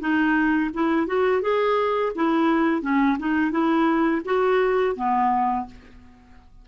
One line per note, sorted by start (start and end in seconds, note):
0.00 0.71 D#4
0.74 1.07 E4
1.07 1.42 F#4
1.42 2.13 G#4
2.16 2.82 E4
2.82 3.17 C#4
3.19 3.51 D#4
3.51 4.22 E4
4.25 4.96 F#4
4.96 5.66 B3